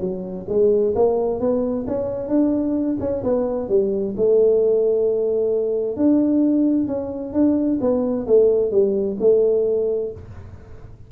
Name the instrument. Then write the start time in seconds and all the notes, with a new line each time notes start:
tuba
0.00 F#3
0.48 G#3
0.95 A#3
1.40 B3
1.87 C#4
2.28 D4
3.00 C#4
3.23 B3
3.69 G3
4.17 A3
5.96 D4
6.87 C#4
7.33 D4
7.80 B3
8.27 A3
8.71 G3
9.20 A3